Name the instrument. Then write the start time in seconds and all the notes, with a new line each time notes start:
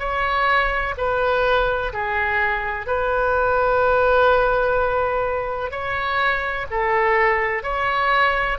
oboe
0.00 C#5
0.98 B4
1.94 G#4
2.87 B4
5.71 C#5
6.71 A4
7.64 C#5